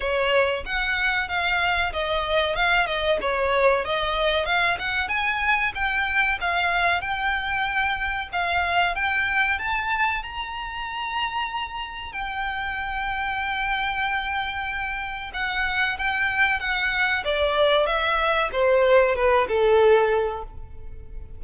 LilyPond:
\new Staff \with { instrumentName = "violin" } { \time 4/4 \tempo 4 = 94 cis''4 fis''4 f''4 dis''4 | f''8 dis''8 cis''4 dis''4 f''8 fis''8 | gis''4 g''4 f''4 g''4~ | g''4 f''4 g''4 a''4 |
ais''2. g''4~ | g''1 | fis''4 g''4 fis''4 d''4 | e''4 c''4 b'8 a'4. | }